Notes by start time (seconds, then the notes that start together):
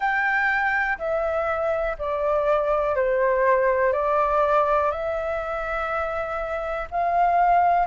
0.00 G5
0.98 E5
1.98 D5
2.95 C5
3.93 D5
4.91 E5
6.90 F5